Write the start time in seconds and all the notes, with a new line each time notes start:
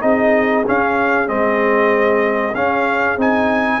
0.00 C4 D#4 G#4 D#5
0.66 C#4 F5
1.27 G#3 C4 D#5
2.54 C#4 F5
3.16 C4 D#4 G#5